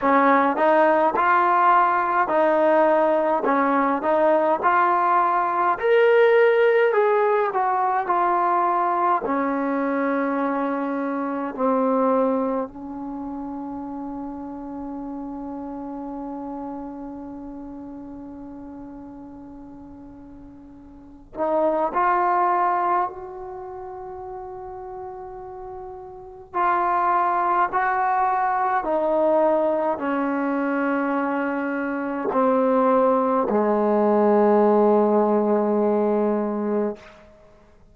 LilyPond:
\new Staff \with { instrumentName = "trombone" } { \time 4/4 \tempo 4 = 52 cis'8 dis'8 f'4 dis'4 cis'8 dis'8 | f'4 ais'4 gis'8 fis'8 f'4 | cis'2 c'4 cis'4~ | cis'1~ |
cis'2~ cis'8 dis'8 f'4 | fis'2. f'4 | fis'4 dis'4 cis'2 | c'4 gis2. | }